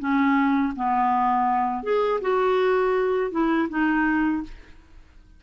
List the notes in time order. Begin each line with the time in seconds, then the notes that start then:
0.00 C#4
0.76 B3
1.84 G#4
2.21 F#4
3.32 E4
3.70 D#4